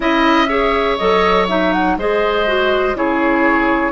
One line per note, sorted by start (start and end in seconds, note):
0.00 0.98 C#4
0.00 0.47 E4
0.00 0.49 D#5
0.00 0.97 E5
0.48 0.97 G#4
0.48 1.96 C#5
0.97 1.96 F#3
0.97 1.48 A4
0.97 1.46 D#5
1.48 1.97 D#4
1.48 1.72 E5
1.72 1.97 F#5
1.96 2.94 G#3
1.96 2.46 G#4
1.96 2.97 C5
1.96 2.97 D#5
2.46 2.94 F#4
2.94 3.92 C#3
2.94 3.92 E4
2.94 3.92 G#4
2.94 3.92 C#5